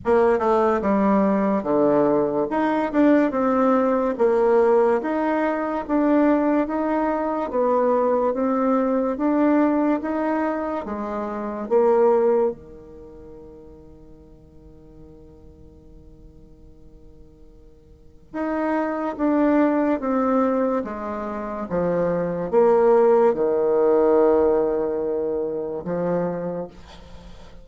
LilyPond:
\new Staff \with { instrumentName = "bassoon" } { \time 4/4 \tempo 4 = 72 ais8 a8 g4 d4 dis'8 d'8 | c'4 ais4 dis'4 d'4 | dis'4 b4 c'4 d'4 | dis'4 gis4 ais4 dis4~ |
dis1~ | dis2 dis'4 d'4 | c'4 gis4 f4 ais4 | dis2. f4 | }